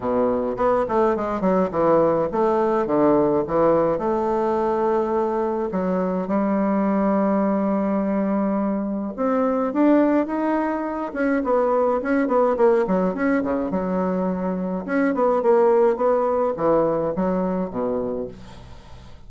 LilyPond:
\new Staff \with { instrumentName = "bassoon" } { \time 4/4 \tempo 4 = 105 b,4 b8 a8 gis8 fis8 e4 | a4 d4 e4 a4~ | a2 fis4 g4~ | g1 |
c'4 d'4 dis'4. cis'8 | b4 cis'8 b8 ais8 fis8 cis'8 cis8 | fis2 cis'8 b8 ais4 | b4 e4 fis4 b,4 | }